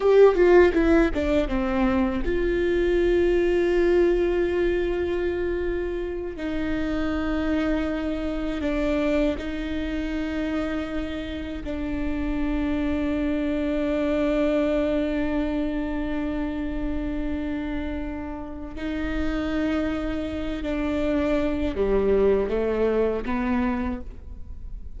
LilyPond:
\new Staff \with { instrumentName = "viola" } { \time 4/4 \tempo 4 = 80 g'8 f'8 e'8 d'8 c'4 f'4~ | f'1~ | f'8 dis'2. d'8~ | d'8 dis'2. d'8~ |
d'1~ | d'1~ | d'4 dis'2~ dis'8 d'8~ | d'4 g4 a4 b4 | }